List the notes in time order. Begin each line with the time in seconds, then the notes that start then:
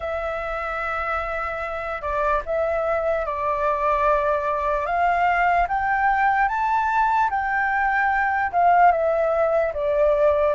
0.00 E5
2.01 D5
2.45 E5
3.25 D5
4.86 F5
5.68 G5
6.48 A5
7.30 G5
8.51 F5
8.92 E5
9.73 D5